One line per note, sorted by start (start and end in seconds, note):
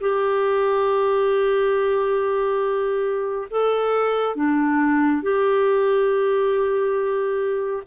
0.00 3.48 G4
3.50 4.36 A4
4.36 5.22 D4
5.22 7.83 G4